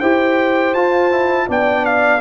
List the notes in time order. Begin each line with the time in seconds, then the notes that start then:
0.00 E4 G4 C5 G5
0.74 F4 A5
1.11 E4
1.47 B3 D4 D5 G5
1.85 F5